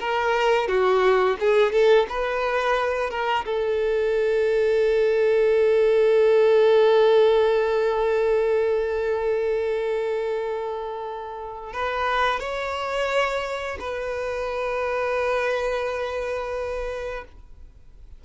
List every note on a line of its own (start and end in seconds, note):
0.00 0.68 A#4
0.68 1.37 F#4
1.40 1.72 G#4
1.72 2.07 A4
2.09 3.11 B4
3.11 3.45 A#4
3.46 11.73 A4
11.73 12.40 B4
12.40 13.78 C#5
13.80 17.24 B4